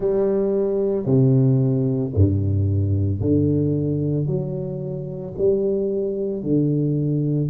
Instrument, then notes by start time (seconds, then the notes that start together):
tuba
0.00 G3
1.05 C3
2.14 G2
3.20 D3
4.26 F#3
5.38 G3
6.42 D3